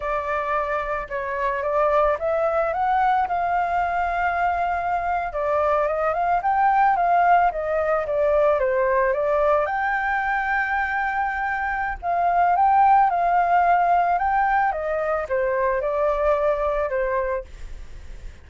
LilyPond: \new Staff \with { instrumentName = "flute" } { \time 4/4 \tempo 4 = 110 d''2 cis''4 d''4 | e''4 fis''4 f''2~ | f''4.~ f''16 d''4 dis''8 f''8 g''16~ | g''8. f''4 dis''4 d''4 c''16~ |
c''8. d''4 g''2~ g''16~ | g''2 f''4 g''4 | f''2 g''4 dis''4 | c''4 d''2 c''4 | }